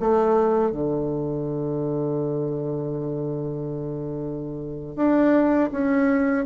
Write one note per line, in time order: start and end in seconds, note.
0.00 0.71 A3
0.71 4.96 D3
4.96 5.70 D4
5.71 6.45 C#4